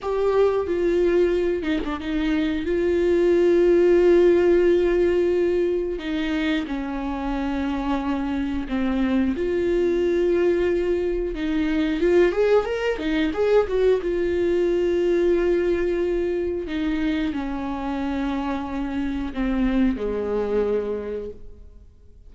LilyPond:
\new Staff \with { instrumentName = "viola" } { \time 4/4 \tempo 4 = 90 g'4 f'4. dis'16 d'16 dis'4 | f'1~ | f'4 dis'4 cis'2~ | cis'4 c'4 f'2~ |
f'4 dis'4 f'8 gis'8 ais'8 dis'8 | gis'8 fis'8 f'2.~ | f'4 dis'4 cis'2~ | cis'4 c'4 gis2 | }